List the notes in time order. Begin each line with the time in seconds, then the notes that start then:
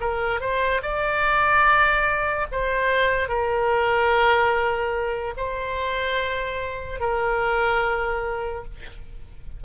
0.00 A#4
0.40 C5
0.82 D5
2.51 C5
3.28 A#4
5.36 C5
7.00 A#4